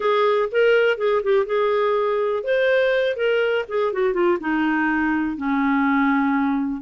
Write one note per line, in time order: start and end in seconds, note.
0.00 0.49 G#4
0.51 0.97 A#4
0.97 1.22 G#4
1.23 1.46 G4
1.46 2.43 G#4
2.43 3.16 C5
3.16 3.65 A#4
3.68 3.92 G#4
3.92 4.13 F#4
4.13 4.38 F4
4.40 5.36 D#4
5.36 6.81 C#4